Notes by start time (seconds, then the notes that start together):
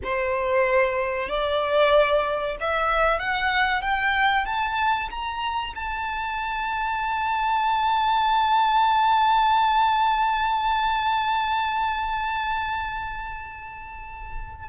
0.03 C5
1.28 D5
2.60 E5
3.19 F#5
3.81 G5
4.45 A5
5.10 A#5
5.75 A5